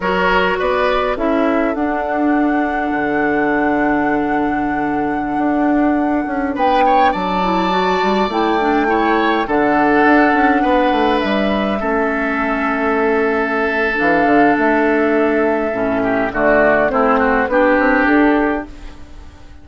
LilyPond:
<<
  \new Staff \with { instrumentName = "flute" } { \time 4/4 \tempo 4 = 103 cis''4 d''4 e''4 fis''4~ | fis''1~ | fis''2.~ fis''16 g''8.~ | g''16 a''2 g''4.~ g''16~ |
g''16 fis''2. e''8.~ | e''1 | f''4 e''2. | d''4 c''4 b'4 a'4 | }
  \new Staff \with { instrumentName = "oboe" } { \time 4/4 ais'4 b'4 a'2~ | a'1~ | a'2.~ a'16 b'8 cis''16~ | cis''16 d''2. cis''8.~ |
cis''16 a'2 b'4.~ b'16~ | b'16 a'2.~ a'8.~ | a'2.~ a'8 g'8 | fis'4 e'8 fis'8 g'2 | }
  \new Staff \with { instrumentName = "clarinet" } { \time 4/4 fis'2 e'4 d'4~ | d'1~ | d'1~ | d'8. e'8 fis'4 e'8 d'8 e'8.~ |
e'16 d'2.~ d'8.~ | d'16 cis'2.~ cis'8. | d'2. cis'4 | a4 c'4 d'2 | }
  \new Staff \with { instrumentName = "bassoon" } { \time 4/4 fis4 b4 cis'4 d'4~ | d'4 d2.~ | d4~ d16 d'4. cis'8 b8.~ | b16 fis4. g8 a4.~ a16~ |
a16 d4 d'8 cis'8 b8 a8 g8.~ | g16 a2.~ a8. | e8 d8 a2 a,4 | d4 a4 b8 c'8 d'4 | }
>>